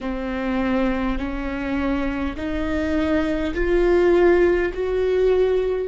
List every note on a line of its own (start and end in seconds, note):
0.01 1.18 C4
1.18 2.35 C#4
2.36 3.53 D#4
3.54 4.72 F4
4.73 5.88 F#4